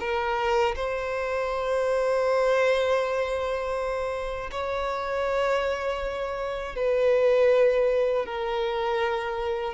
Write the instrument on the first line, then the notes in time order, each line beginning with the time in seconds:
violin
0.00 A#4
0.76 C5
4.52 C#5
6.76 B4
8.26 A#4